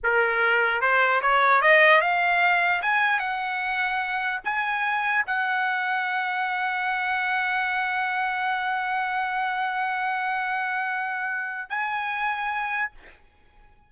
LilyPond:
\new Staff \with { instrumentName = "trumpet" } { \time 4/4 \tempo 4 = 149 ais'2 c''4 cis''4 | dis''4 f''2 gis''4 | fis''2. gis''4~ | gis''4 fis''2.~ |
fis''1~ | fis''1~ | fis''1~ | fis''4 gis''2. | }